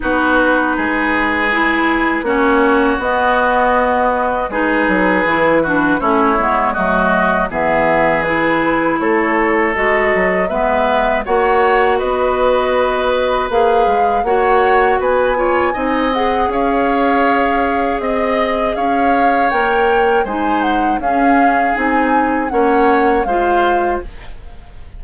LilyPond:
<<
  \new Staff \with { instrumentName = "flute" } { \time 4/4 \tempo 4 = 80 b'2. cis''4 | dis''2 b'2 | cis''4 dis''4 e''4 b'4 | cis''4 dis''4 e''4 fis''4 |
dis''2 f''4 fis''4 | gis''4. fis''8 f''2 | dis''4 f''4 g''4 gis''8 fis''8 | f''4 gis''4 fis''4 f''4 | }
  \new Staff \with { instrumentName = "oboe" } { \time 4/4 fis'4 gis'2 fis'4~ | fis'2 gis'4. fis'8 | e'4 fis'4 gis'2 | a'2 b'4 cis''4 |
b'2. cis''4 | b'8 cis''8 dis''4 cis''2 | dis''4 cis''2 c''4 | gis'2 cis''4 c''4 | }
  \new Staff \with { instrumentName = "clarinet" } { \time 4/4 dis'2 e'4 cis'4 | b2 dis'4 e'8 d'8 | cis'8 b8 a4 b4 e'4~ | e'4 fis'4 b4 fis'4~ |
fis'2 gis'4 fis'4~ | fis'8 f'8 dis'8 gis'2~ gis'8~ | gis'2 ais'4 dis'4 | cis'4 dis'4 cis'4 f'4 | }
  \new Staff \with { instrumentName = "bassoon" } { \time 4/4 b4 gis2 ais4 | b2 gis8 fis8 e4 | a8 gis8 fis4 e2 | a4 gis8 fis8 gis4 ais4 |
b2 ais8 gis8 ais4 | b4 c'4 cis'2 | c'4 cis'4 ais4 gis4 | cis'4 c'4 ais4 gis4 | }
>>